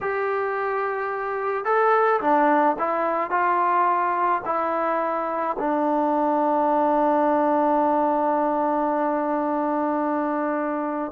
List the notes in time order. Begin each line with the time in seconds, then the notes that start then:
0.01 G4
1.65 A4
2.20 D4
2.79 E4
3.30 F4
4.45 E4
5.58 D4